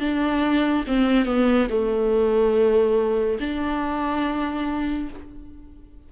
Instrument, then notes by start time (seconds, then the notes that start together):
viola
0.00 D4
0.87 C4
1.25 B3
1.69 A3
3.40 D4